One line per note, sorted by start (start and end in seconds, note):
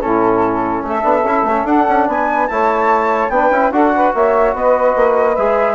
0.00 0.82 A2
0.00 1.01 C#4
0.00 0.84 E4
0.00 0.83 A4
0.82 1.02 A3
0.82 2.07 A4
0.82 1.66 E5
1.01 1.24 B3
1.01 1.22 D4
1.24 1.43 C#4
1.24 1.47 E4
1.43 1.63 A3
1.43 1.68 C#4
1.64 1.85 D4
1.64 2.49 D4
1.64 2.07 F#5
1.88 2.07 C#4
2.07 2.48 B3
2.07 2.48 B4
2.07 2.47 G#5
2.47 3.29 A3
2.47 3.31 E4
2.47 3.31 C#5
2.47 3.30 A5
3.29 3.49 B3
3.29 3.52 D4
3.29 3.72 B4
3.29 3.71 G5
3.50 3.70 C#4
3.50 3.72 E4
3.71 4.12 D4
3.71 5.36 F#4
3.71 3.93 A4
3.71 4.13 F#5
3.95 4.14 B4
4.14 4.53 A#3
4.14 4.54 C#5
4.14 4.55 E5
4.53 4.94 B3
4.53 5.75 B4
4.53 5.36 D#5
4.95 5.37 A#3
5.36 5.75 G#3
5.36 5.75 G#4
5.36 5.75 E5